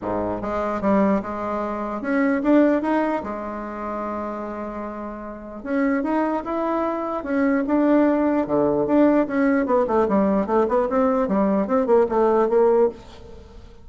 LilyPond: \new Staff \with { instrumentName = "bassoon" } { \time 4/4 \tempo 4 = 149 gis,4 gis4 g4 gis4~ | gis4 cis'4 d'4 dis'4 | gis1~ | gis2 cis'4 dis'4 |
e'2 cis'4 d'4~ | d'4 d4 d'4 cis'4 | b8 a8 g4 a8 b8 c'4 | g4 c'8 ais8 a4 ais4 | }